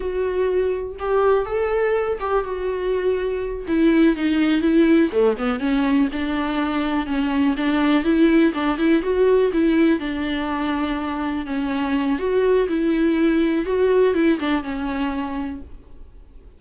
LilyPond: \new Staff \with { instrumentName = "viola" } { \time 4/4 \tempo 4 = 123 fis'2 g'4 a'4~ | a'8 g'8 fis'2~ fis'8 e'8~ | e'8 dis'4 e'4 a8 b8 cis'8~ | cis'8 d'2 cis'4 d'8~ |
d'8 e'4 d'8 e'8 fis'4 e'8~ | e'8 d'2. cis'8~ | cis'4 fis'4 e'2 | fis'4 e'8 d'8 cis'2 | }